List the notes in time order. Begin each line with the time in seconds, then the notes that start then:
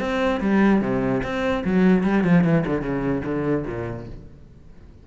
0.00 C4
0.40 G3
0.81 C3
1.23 C4
1.64 F#3
2.04 G3
2.24 F3
2.44 E3
2.66 D3
2.81 C#3
3.25 D3
3.66 A#2